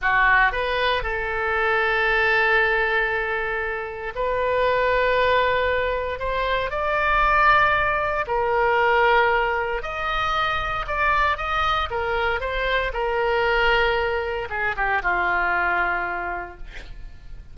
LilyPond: \new Staff \with { instrumentName = "oboe" } { \time 4/4 \tempo 4 = 116 fis'4 b'4 a'2~ | a'1 | b'1 | c''4 d''2. |
ais'2. dis''4~ | dis''4 d''4 dis''4 ais'4 | c''4 ais'2. | gis'8 g'8 f'2. | }